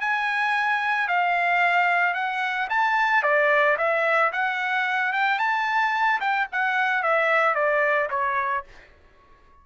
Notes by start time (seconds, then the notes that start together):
0.00 G#5
1.08 F5
2.14 F#5
2.70 A5
3.22 D5
3.77 E5
4.32 F#5
5.13 G5
5.39 A5
6.20 G5
6.52 F#5
7.03 E5
7.55 D5
8.10 C#5